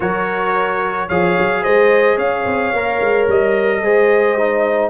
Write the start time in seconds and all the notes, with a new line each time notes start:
0.00 F#3 F#4 A#4 C#5
1.07 F3 G#4 C#5 F5
1.39 F#3
1.62 G#3 C5 D#5
2.16 C#4 C#5 F5
2.45 C4
2.72 A#3 A#4
3.00 G#3
3.27 G3 D#5
3.82 G#3 G#4 C5
4.37 D#4